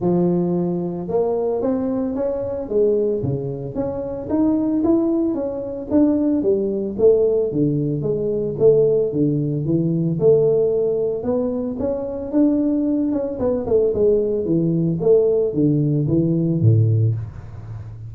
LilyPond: \new Staff \with { instrumentName = "tuba" } { \time 4/4 \tempo 4 = 112 f2 ais4 c'4 | cis'4 gis4 cis4 cis'4 | dis'4 e'4 cis'4 d'4 | g4 a4 d4 gis4 |
a4 d4 e4 a4~ | a4 b4 cis'4 d'4~ | d'8 cis'8 b8 a8 gis4 e4 | a4 d4 e4 a,4 | }